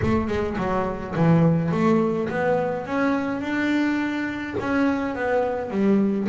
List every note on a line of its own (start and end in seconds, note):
0.02 0.27 A3
0.27 0.56 G#3
0.57 1.14 F#3
1.15 1.71 E3
1.71 2.28 A3
2.29 2.85 B3
2.85 3.41 C#4
3.41 4.55 D4
4.59 5.15 C#4
5.15 5.70 B3
5.70 6.27 G3